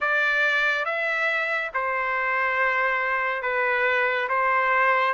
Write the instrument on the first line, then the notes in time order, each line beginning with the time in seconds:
trumpet
0.00 D5
0.85 E5
1.74 C5
3.42 B4
4.29 C5